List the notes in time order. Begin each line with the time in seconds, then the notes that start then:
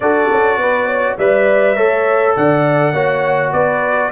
0.00 D4 F#4 A4 D5
0.31 C#4
0.57 B3 B4
0.86 C#5
1.17 G3 B4 D5 E5
1.76 A3 A4 C#5
2.36 D3 D5 F#5
2.93 A#3 F#4 C#5
3.52 B3 B4 D5